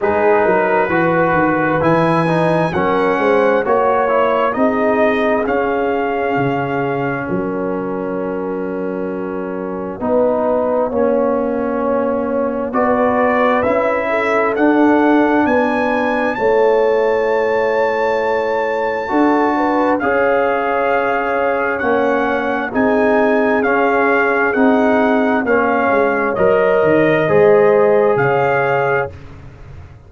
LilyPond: <<
  \new Staff \with { instrumentName = "trumpet" } { \time 4/4 \tempo 4 = 66 b'2 gis''4 fis''4 | cis''4 dis''4 f''2 | fis''1~ | fis''2 d''4 e''4 |
fis''4 gis''4 a''2~ | a''2 f''2 | fis''4 gis''4 f''4 fis''4 | f''4 dis''2 f''4 | }
  \new Staff \with { instrumentName = "horn" } { \time 4/4 gis'8 ais'8 b'2 ais'8 c''8 | cis''4 gis'2. | ais'2. b'4 | cis''2 b'4. a'8~ |
a'4 b'4 cis''2~ | cis''4 a'8 b'8 cis''2~ | cis''4 gis'2. | cis''2 c''4 cis''4 | }
  \new Staff \with { instrumentName = "trombone" } { \time 4/4 dis'4 fis'4 e'8 dis'8 cis'4 | fis'8 e'8 dis'4 cis'2~ | cis'2. dis'4 | cis'2 fis'4 e'4 |
d'2 e'2~ | e'4 fis'4 gis'2 | cis'4 dis'4 cis'4 dis'4 | cis'4 ais'4 gis'2 | }
  \new Staff \with { instrumentName = "tuba" } { \time 4/4 gis8 fis8 e8 dis8 e4 fis8 gis8 | ais4 c'4 cis'4 cis4 | fis2. b4 | ais2 b4 cis'4 |
d'4 b4 a2~ | a4 d'4 cis'2 | ais4 c'4 cis'4 c'4 | ais8 gis8 fis8 dis8 gis4 cis4 | }
>>